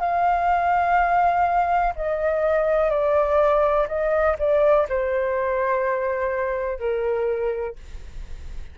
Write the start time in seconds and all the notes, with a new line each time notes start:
0.00 F5
1.96 D#5
2.90 D5
3.88 D#5
4.39 D5
4.89 C5
6.80 A#4